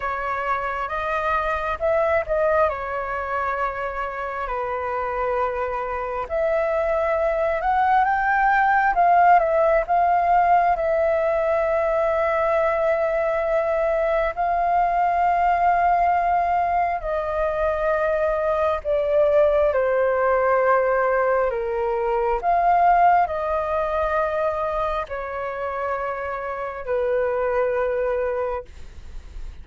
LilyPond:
\new Staff \with { instrumentName = "flute" } { \time 4/4 \tempo 4 = 67 cis''4 dis''4 e''8 dis''8 cis''4~ | cis''4 b'2 e''4~ | e''8 fis''8 g''4 f''8 e''8 f''4 | e''1 |
f''2. dis''4~ | dis''4 d''4 c''2 | ais'4 f''4 dis''2 | cis''2 b'2 | }